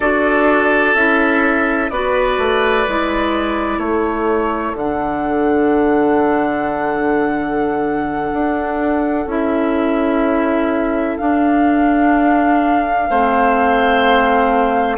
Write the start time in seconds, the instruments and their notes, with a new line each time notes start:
0.00 bassoon D4, clarinet F#4, oboe A4, flute D5
0.94 bassoon C#4, clarinet E4, flute E5
1.89 bassoon B3, clarinet F#4, oboe B4, flute D5
2.37 bassoon A3
2.87 bassoon G#3, clarinet E4
3.78 bassoon A3, oboe A4, flute C#5
4.73 bassoon D3, clarinet D4, flute F#5
8.32 bassoon D4
9.26 bassoon C#4, clarinet E4, flute E5
11.16 clarinet D4, bassoon D4, flute F5
13.09 bassoon A3, clarinet C4, oboe C5